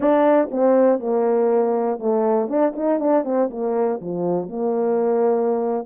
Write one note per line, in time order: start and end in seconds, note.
0.00 0.49 D4
0.51 0.99 C4
0.99 1.99 A#3
1.99 2.48 A3
2.48 2.73 D4
2.75 2.99 D#4
2.99 3.24 D4
3.24 3.49 C4
3.50 4.00 A#3
4.01 4.48 F3
4.48 5.85 A#3